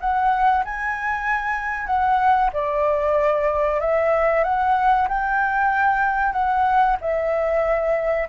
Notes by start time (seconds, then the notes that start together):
0.00 F#5
0.64 G#5
1.86 F#5
2.53 D5
3.80 E5
4.44 F#5
5.08 G5
6.33 F#5
7.01 E5